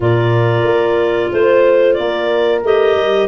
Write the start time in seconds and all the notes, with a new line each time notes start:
0.00 A#2 F4 A#4 D5
0.63 A#3
1.32 A3 C5
1.93 A#3 A#4 D5
2.63 A3 G4 D#5
2.95 G3